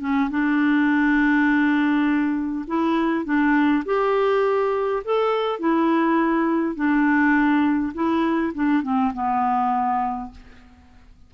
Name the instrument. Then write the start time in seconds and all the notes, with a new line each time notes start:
clarinet
0.00 C#4
0.30 D4
2.67 E4
3.25 D4
3.85 G4
5.05 A4
5.59 E4
6.75 D4
7.94 E4
8.55 D4
8.83 C4
9.14 B3